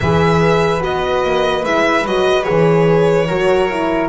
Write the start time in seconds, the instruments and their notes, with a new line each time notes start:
0.00 double bass E3, horn G#4, flute B4, violin E5
0.80 double bass B3, horn F#4, violin D#5
1.23 double bass A#3
1.64 double bass G#3, horn E4, violin E5
2.05 double bass F#3, horn F#4, violin D#5
2.43 horn G#4, violin C#5
2.49 double bass E3
3.27 double bass F#3, horn F#4, flute A#4
3.70 horn E4